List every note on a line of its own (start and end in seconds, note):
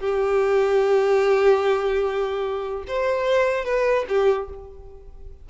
0.00 2.84 G4
2.87 3.64 C5
3.64 4.05 B4
4.09 4.49 G4